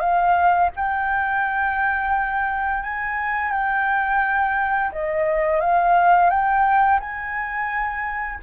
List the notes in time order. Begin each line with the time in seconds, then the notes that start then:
0.00 F5
0.76 G5
2.83 G#5
3.52 G5
4.92 D#5
5.61 F5
6.30 G5
7.00 G#5